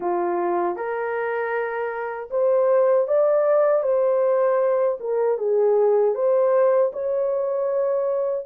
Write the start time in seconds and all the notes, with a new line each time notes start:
0.00 F4
0.76 A#4
2.30 C5
3.07 D5
3.82 C5
5.00 A#4
5.38 G#4
6.14 C5
6.92 C#5